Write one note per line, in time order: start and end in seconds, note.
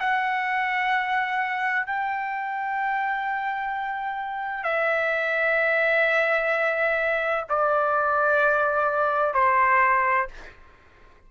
0.00 1.86 F#5
1.86 4.64 G5
4.64 7.45 E5
7.49 9.34 D5
9.34 10.28 C5